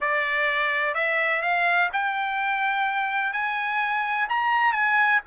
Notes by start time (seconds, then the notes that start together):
0.01 D5
0.94 E5
1.42 F5
1.92 G5
3.32 G#5
4.29 A#5
4.72 G#5